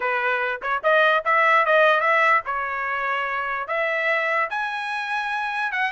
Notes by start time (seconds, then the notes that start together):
0.00 B4
0.62 C#5
0.83 D#5
1.24 E5
1.65 D#5
2.00 E5
2.45 C#5
3.67 E5
4.50 G#5
5.71 F#5